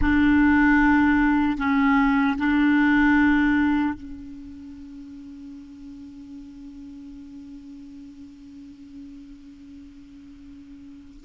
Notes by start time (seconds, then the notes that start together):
0.01 D4
1.57 C#4
2.38 D4
3.93 C#4